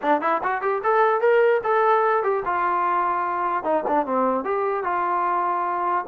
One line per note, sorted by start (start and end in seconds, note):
0.02 0.21 D4
0.21 0.41 E4
0.43 0.61 F#4
0.61 0.81 G4
0.83 1.20 A4
1.20 1.61 A#4
1.63 2.23 A4
2.23 2.43 G4
2.45 3.63 F4
3.63 3.83 D#4
3.87 4.05 D4
4.05 4.44 C4
4.44 4.83 G4
4.83 6.05 F4